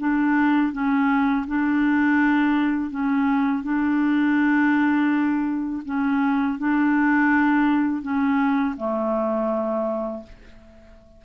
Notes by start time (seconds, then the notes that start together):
0.00 D4
0.73 C#4
1.48 D4
2.91 C#4
3.64 D4
5.86 C#4
6.59 D4
8.03 C#4
8.77 A3